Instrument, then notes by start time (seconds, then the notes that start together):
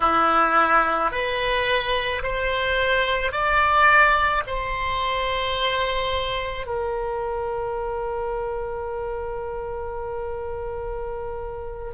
oboe
0.00 E4
1.11 B4
2.22 C5
3.31 D5
4.46 C5
6.66 A#4